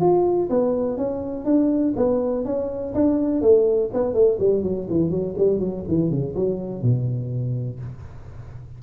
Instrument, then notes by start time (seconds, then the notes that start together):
tuba
0.00 F4
0.50 B3
0.97 C#4
1.45 D4
1.96 B3
2.45 C#4
2.94 D4
3.41 A3
3.93 B3
4.14 A3
4.39 G3
4.63 F#3
4.89 E3
5.10 F#3
5.37 G3
5.59 F#3
5.88 E3
6.10 C#3
6.35 F#3
6.82 B2